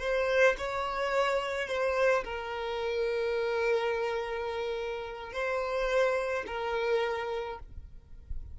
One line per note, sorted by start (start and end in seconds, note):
0.00 0.56 C5
0.58 1.68 C#5
1.68 2.24 C5
2.25 5.33 A#4
5.33 6.45 C5
6.47 7.59 A#4